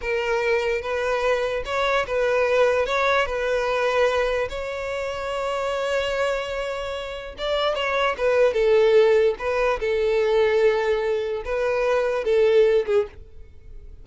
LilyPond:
\new Staff \with { instrumentName = "violin" } { \time 4/4 \tempo 4 = 147 ais'2 b'2 | cis''4 b'2 cis''4 | b'2. cis''4~ | cis''1~ |
cis''2 d''4 cis''4 | b'4 a'2 b'4 | a'1 | b'2 a'4. gis'8 | }